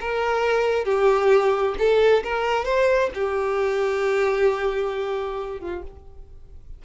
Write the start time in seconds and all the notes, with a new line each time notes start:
0.00 A#4
0.84 G4
1.78 A4
2.23 A#4
2.65 C5
3.14 G4
5.60 F4